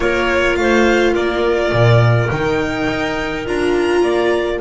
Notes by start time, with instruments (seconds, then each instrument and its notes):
0.00 double bass A#3, viola F4, clarinet A#4, violin C#5
0.55 double bass A3, clarinet C5, violin F5
1.12 double bass A#3, clarinet A#4, violin D5
1.72 double bass A#2
2.30 double bass D#3, viola D#4, violin G5
2.88 double bass D#4
3.46 double bass D4, viola F4, violin A#5
4.02 double bass A#3, clarinet D5